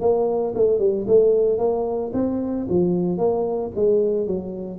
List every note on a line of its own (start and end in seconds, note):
0.00 0.54 A#3
0.55 0.79 A3
0.79 1.05 G3
1.07 1.58 A3
1.58 2.12 A#3
2.13 2.67 C4
2.69 3.18 F3
3.18 3.71 A#3
3.75 4.27 G#3
4.27 4.79 F#3